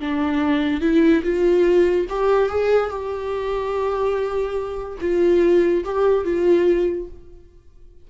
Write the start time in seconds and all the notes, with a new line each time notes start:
0.00 D4
0.81 E4
1.23 F4
2.09 G4
2.49 G#4
2.90 G4
5.00 F4
5.84 G4
6.24 F4